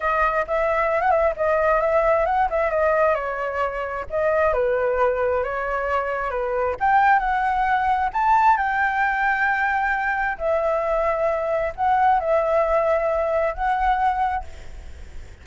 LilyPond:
\new Staff \with { instrumentName = "flute" } { \time 4/4 \tempo 4 = 133 dis''4 e''4~ e''16 fis''16 e''8 dis''4 | e''4 fis''8 e''8 dis''4 cis''4~ | cis''4 dis''4 b'2 | cis''2 b'4 g''4 |
fis''2 a''4 g''4~ | g''2. e''4~ | e''2 fis''4 e''4~ | e''2 fis''2 | }